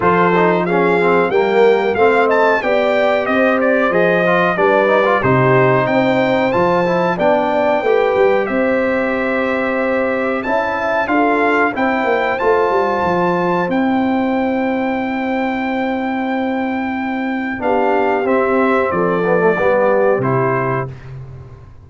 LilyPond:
<<
  \new Staff \with { instrumentName = "trumpet" } { \time 4/4 \tempo 4 = 92 c''4 f''4 g''4 f''8 a''8 | g''4 dis''8 d''8 dis''4 d''4 | c''4 g''4 a''4 g''4~ | g''4 e''2. |
a''4 f''4 g''4 a''4~ | a''4 g''2.~ | g''2. f''4 | e''4 d''2 c''4 | }
  \new Staff \with { instrumentName = "horn" } { \time 4/4 a'4 gis'4 ais'4 f''8 dis''8 | d''4 c''2 b'4 | g'4 c''2 d''4 | b'4 c''2. |
e''4 a'4 c''2~ | c''1~ | c''2. g'4~ | g'4 a'4 g'2 | }
  \new Staff \with { instrumentName = "trombone" } { \time 4/4 f'8 dis'8 cis'8 c'8 ais4 c'4 | g'2 gis'8 f'8 d'8 dis'16 f'16 | dis'2 f'8 e'8 d'4 | g'1 |
e'4 f'4 e'4 f'4~ | f'4 e'2.~ | e'2. d'4 | c'4. b16 a16 b4 e'4 | }
  \new Staff \with { instrumentName = "tuba" } { \time 4/4 f2 g4 a4 | b4 c'4 f4 g4 | c4 c'4 f4 b4 | a8 g8 c'2. |
cis'4 d'4 c'8 ais8 a8 g8 | f4 c'2.~ | c'2. b4 | c'4 f4 g4 c4 | }
>>